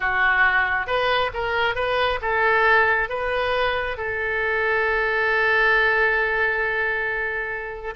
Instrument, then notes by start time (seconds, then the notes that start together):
oboe
0.00 F#4
0.86 B4
1.33 A#4
1.75 B4
2.21 A4
3.09 B4
3.97 A4